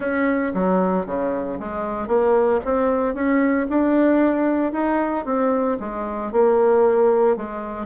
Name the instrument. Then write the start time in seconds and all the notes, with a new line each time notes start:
bassoon
0.00 C#4
0.54 F#3
1.06 C#3
1.59 G#3
2.07 A#3
2.64 C4
3.14 C#4
3.69 D4
4.72 D#4
5.25 C4
5.79 G#3
6.32 A#3
7.36 G#3